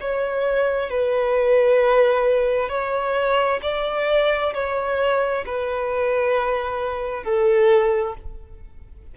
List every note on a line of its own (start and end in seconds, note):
0.00 0.90 C#5
0.90 2.69 B4
2.69 3.60 C#5
3.62 4.53 D5
4.54 5.45 C#5
5.46 7.24 B4
7.24 8.15 A4